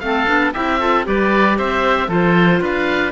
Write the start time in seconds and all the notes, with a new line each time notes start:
0.00 A3 C4 F5
0.06 A4
0.27 B3 D4
0.54 C4 E4 G4 E5
0.80 F4 A4
1.05 G3 G4 B4 D5
1.58 C4 C5 E5
2.08 F3 F4 A4 C5
2.61 D4 B4 F5